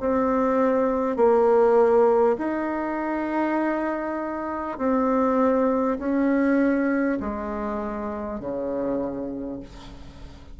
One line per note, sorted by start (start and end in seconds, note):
0.00 1.16 C4
1.16 2.36 A#3
2.38 4.78 D#4
4.78 5.98 C4
5.98 7.18 C#4
7.20 8.40 G#3
8.40 9.60 C#3